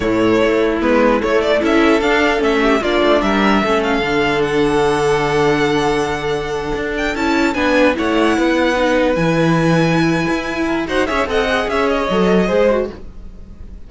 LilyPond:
<<
  \new Staff \with { instrumentName = "violin" } { \time 4/4 \tempo 4 = 149 cis''2 b'4 cis''8 d''8 | e''4 f''4 e''4 d''4 | e''4. f''4. fis''4~ | fis''1~ |
fis''4~ fis''16 g''8 a''4 gis''4 fis''16~ | fis''2~ fis''8. gis''4~ gis''16~ | gis''2. fis''8 e''8 | fis''4 e''8 dis''2~ dis''8 | }
  \new Staff \with { instrumentName = "violin" } { \time 4/4 e'1 | a'2~ a'8 g'8 f'4 | ais'4 a'2.~ | a'1~ |
a'2~ a'8. b'4 cis''16~ | cis''8. b'2.~ b'16~ | b'2~ b'8 ais'8 c''8 cis''8 | dis''4 cis''2 c''4 | }
  \new Staff \with { instrumentName = "viola" } { \time 4/4 a2 b4 a4 | e'4 d'4 cis'4 d'4~ | d'4 cis'4 d'2~ | d'1~ |
d'4.~ d'16 e'4 d'4 e'16~ | e'4.~ e'16 dis'4 e'4~ e'16~ | e'2. fis'8 gis'8 | a'8 gis'4. a'4 gis'8 fis'8 | }
  \new Staff \with { instrumentName = "cello" } { \time 4/4 a,4 a4 gis4 a4 | cis'4 d'4 a4 ais8 a8 | g4 a4 d2~ | d1~ |
d8. d'4 cis'4 b4 a16~ | a8. b2 e4~ e16~ | e4. e'4. dis'8 cis'8 | c'4 cis'4 fis4 gis4 | }
>>